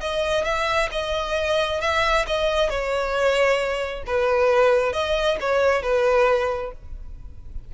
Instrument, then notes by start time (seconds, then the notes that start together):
violin
0.00 D#5
0.44 E5
0.91 D#5
1.80 E5
2.26 D#5
2.69 C#5
4.06 B4
4.92 D#5
5.40 C#5
5.82 B4